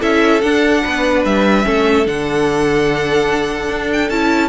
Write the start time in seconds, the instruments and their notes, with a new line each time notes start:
0.00 cello C#4, viola E4, violin A4 E5
0.41 cello D4, viola D4, violin F#5
0.84 cello B3, violin B4
1.25 cello G3, violin E5
1.64 cello A3, viola C#4, violin A4
2.06 cello D3, viola D4, violin F#5
3.70 cello D4
3.93 violin G5
4.10 cello C#4, viola E4, violin A5